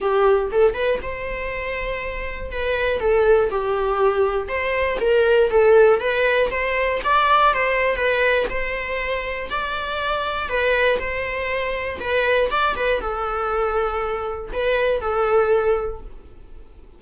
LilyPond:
\new Staff \with { instrumentName = "viola" } { \time 4/4 \tempo 4 = 120 g'4 a'8 b'8 c''2~ | c''4 b'4 a'4 g'4~ | g'4 c''4 ais'4 a'4 | b'4 c''4 d''4 c''4 |
b'4 c''2 d''4~ | d''4 b'4 c''2 | b'4 d''8 b'8 a'2~ | a'4 b'4 a'2 | }